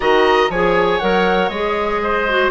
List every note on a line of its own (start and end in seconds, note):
0.00 0.49 D#3
0.00 0.50 F#4
0.00 0.50 D#5
0.00 0.50 A#5
0.49 0.99 F3
0.49 1.01 G#4
0.49 2.01 C#5
0.49 0.99 G#5
0.99 1.49 F#3
0.99 1.51 A#4
0.99 1.49 F#5
1.49 2.50 G#3
1.49 2.29 G#4
1.49 2.50 D#5
2.02 2.51 C5
2.29 2.51 F#4